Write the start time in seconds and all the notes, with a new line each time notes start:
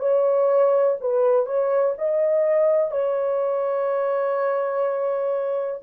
0.00 C#5
1.01 B4
1.46 C#5
1.98 D#5
2.91 C#5